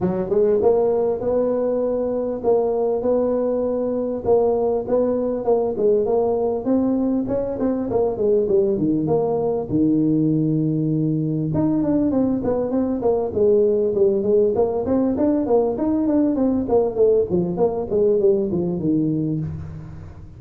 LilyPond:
\new Staff \with { instrumentName = "tuba" } { \time 4/4 \tempo 4 = 99 fis8 gis8 ais4 b2 | ais4 b2 ais4 | b4 ais8 gis8 ais4 c'4 | cis'8 c'8 ais8 gis8 g8 dis8 ais4 |
dis2. dis'8 d'8 | c'8 b8 c'8 ais8 gis4 g8 gis8 | ais8 c'8 d'8 ais8 dis'8 d'8 c'8 ais8 | a8 f8 ais8 gis8 g8 f8 dis4 | }